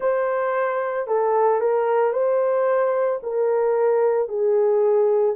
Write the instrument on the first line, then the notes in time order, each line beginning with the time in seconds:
horn
0.00 C5
1.07 A4
1.60 A#4
2.12 C5
3.22 A#4
4.28 G#4